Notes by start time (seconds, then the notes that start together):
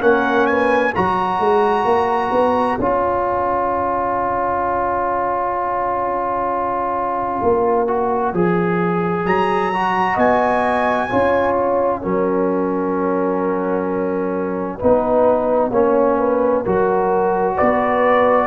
0.00 A#3 C#4 A#4 F#5
0.46 B4 G#5
0.94 F#3 F#4 C#5 A#5
1.39 G#3
1.85 A#3
2.31 B3
2.78 C#4 F4 G#5
7.42 A#3
7.87 F#4
8.33 F3 G#4
9.25 F#3 A#5
9.73 F#4
10.14 B3 D#5 G#5
11.08 C#4 F4 C#5
11.54 F#5
12.02 F#3 C#4 A#4
14.77 B3 D#4 B4
15.70 A#3 C#4 C#5
16.17 B4
16.62 F#3 F#4 A#4
17.55 B3 B4 D5